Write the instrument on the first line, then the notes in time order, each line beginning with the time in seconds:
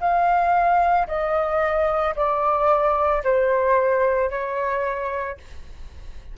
flute
0.00 F5
1.07 D#5
2.15 D5
3.24 C5
4.30 C#5